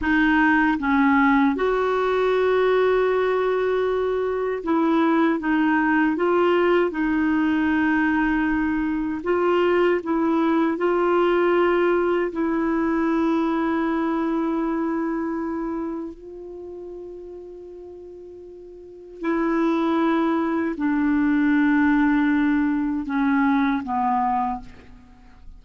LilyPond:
\new Staff \with { instrumentName = "clarinet" } { \time 4/4 \tempo 4 = 78 dis'4 cis'4 fis'2~ | fis'2 e'4 dis'4 | f'4 dis'2. | f'4 e'4 f'2 |
e'1~ | e'4 f'2.~ | f'4 e'2 d'4~ | d'2 cis'4 b4 | }